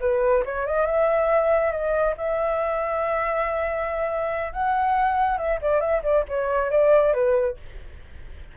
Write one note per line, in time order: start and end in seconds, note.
0.00 0.43 B4
0.45 0.66 C#5
0.66 0.86 D#5
0.86 1.71 E5
1.71 2.15 D#5
2.17 4.53 E5
4.53 5.37 F#5
5.37 5.59 E5
5.61 5.80 D5
5.80 6.02 E5
6.03 6.24 D5
6.28 6.71 C#5
6.71 7.13 D5
7.13 7.57 B4